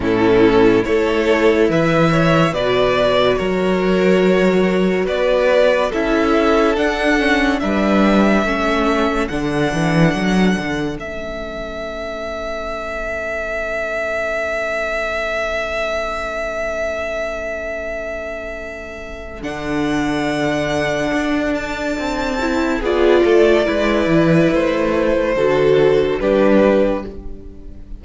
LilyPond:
<<
  \new Staff \with { instrumentName = "violin" } { \time 4/4 \tempo 4 = 71 a'4 cis''4 e''4 d''4 | cis''2 d''4 e''4 | fis''4 e''2 fis''4~ | fis''4 e''2.~ |
e''1~ | e''2. fis''4~ | fis''4. a''4. d''4~ | d''4 c''2 b'4 | }
  \new Staff \with { instrumentName = "violin" } { \time 4/4 e'4 a'4 b'8 cis''8 b'4 | ais'2 b'4 a'4~ | a'4 b'4 a'2~ | a'1~ |
a'1~ | a'1~ | a'2. gis'8 a'8 | b'2 a'4 g'4 | }
  \new Staff \with { instrumentName = "viola" } { \time 4/4 cis'4 e'2 fis'4~ | fis'2. e'4 | d'8 cis'8 d'4 cis'4 d'4~ | d'4 cis'2.~ |
cis'1~ | cis'2. d'4~ | d'2~ d'8 e'8 f'4 | e'2 fis'4 d'4 | }
  \new Staff \with { instrumentName = "cello" } { \time 4/4 a,4 a4 e4 b,4 | fis2 b4 cis'4 | d'4 g4 a4 d8 e8 | fis8 d8 a2.~ |
a1~ | a2. d4~ | d4 d'4 c'4 b8 a8 | gis8 e8 a4 d4 g4 | }
>>